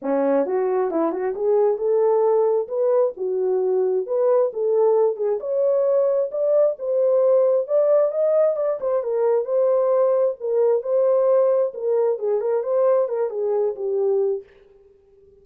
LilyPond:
\new Staff \with { instrumentName = "horn" } { \time 4/4 \tempo 4 = 133 cis'4 fis'4 e'8 fis'8 gis'4 | a'2 b'4 fis'4~ | fis'4 b'4 a'4. gis'8 | cis''2 d''4 c''4~ |
c''4 d''4 dis''4 d''8 c''8 | ais'4 c''2 ais'4 | c''2 ais'4 gis'8 ais'8 | c''4 ais'8 gis'4 g'4. | }